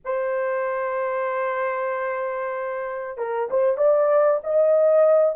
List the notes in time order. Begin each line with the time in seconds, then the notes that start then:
0.05 C5
3.17 A#4
3.50 C5
3.77 D5
4.43 D#5